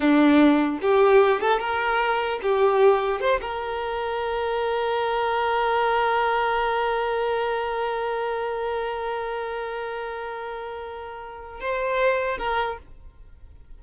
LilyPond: \new Staff \with { instrumentName = "violin" } { \time 4/4 \tempo 4 = 150 d'2 g'4. a'8 | ais'2 g'2 | c''8 ais'2.~ ais'8~ | ais'1~ |
ais'1~ | ais'1~ | ais'1~ | ais'4 c''2 ais'4 | }